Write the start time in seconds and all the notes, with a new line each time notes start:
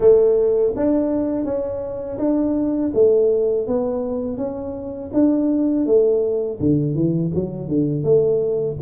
0.00 A3
0.76 D4
1.45 C#4
2.18 D4
2.94 A3
3.67 B3
4.37 C#4
5.13 D4
5.85 A3
6.60 D3
6.94 E3
7.34 F#3
7.68 D3
8.03 A3